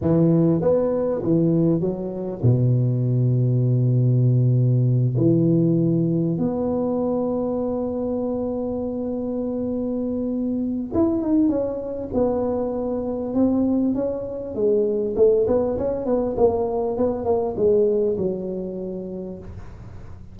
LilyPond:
\new Staff \with { instrumentName = "tuba" } { \time 4/4 \tempo 4 = 99 e4 b4 e4 fis4 | b,1~ | b,8 e2 b4.~ | b1~ |
b2 e'8 dis'8 cis'4 | b2 c'4 cis'4 | gis4 a8 b8 cis'8 b8 ais4 | b8 ais8 gis4 fis2 | }